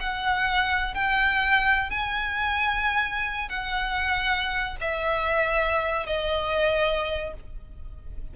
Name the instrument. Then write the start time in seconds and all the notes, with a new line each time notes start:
violin
0.00 F#5
0.95 G5
1.91 G#5
3.49 F#5
4.81 E5
6.07 D#5